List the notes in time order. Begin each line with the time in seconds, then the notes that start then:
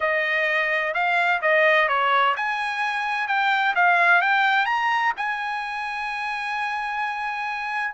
0.00 D#5
0.94 F5
1.41 D#5
1.88 C#5
2.36 G#5
3.27 G5
3.75 F5
4.21 G5
4.65 A#5
5.16 G#5